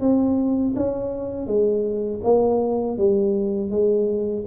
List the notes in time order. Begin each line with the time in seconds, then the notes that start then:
0.00 C4
0.76 C#4
1.46 G#3
2.23 A#3
2.97 G3
3.70 G#3